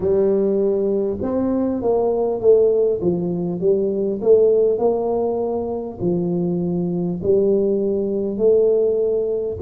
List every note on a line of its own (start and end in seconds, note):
0.00 1.17 G3
1.22 1.82 C4
1.82 2.40 A#3
2.40 3.00 A3
3.01 3.60 F3
3.60 4.20 G3
4.21 4.78 A3
4.78 5.98 A#3
6.01 7.21 F3
7.23 8.37 G3
8.37 9.57 A3